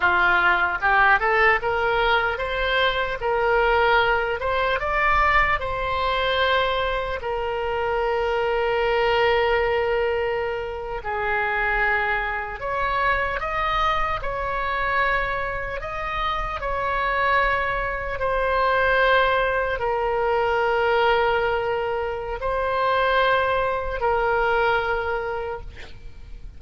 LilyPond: \new Staff \with { instrumentName = "oboe" } { \time 4/4 \tempo 4 = 75 f'4 g'8 a'8 ais'4 c''4 | ais'4. c''8 d''4 c''4~ | c''4 ais'2.~ | ais'4.~ ais'16 gis'2 cis''16~ |
cis''8. dis''4 cis''2 dis''16~ | dis''8. cis''2 c''4~ c''16~ | c''8. ais'2.~ ais'16 | c''2 ais'2 | }